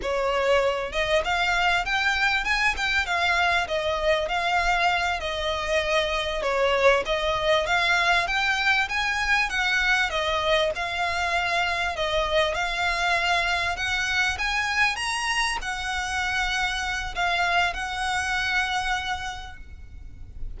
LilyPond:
\new Staff \with { instrumentName = "violin" } { \time 4/4 \tempo 4 = 98 cis''4. dis''8 f''4 g''4 | gis''8 g''8 f''4 dis''4 f''4~ | f''8 dis''2 cis''4 dis''8~ | dis''8 f''4 g''4 gis''4 fis''8~ |
fis''8 dis''4 f''2 dis''8~ | dis''8 f''2 fis''4 gis''8~ | gis''8 ais''4 fis''2~ fis''8 | f''4 fis''2. | }